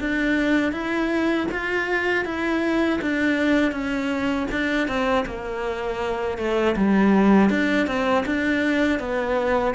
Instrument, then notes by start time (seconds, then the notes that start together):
cello
0.00 D4
0.72 E4
1.51 F4
2.25 E4
3.01 D4
3.72 C#4
4.51 D4
4.88 C4
5.26 A#3
6.38 A3
6.76 G3
7.50 D4
7.87 C4
8.26 D4
8.99 B3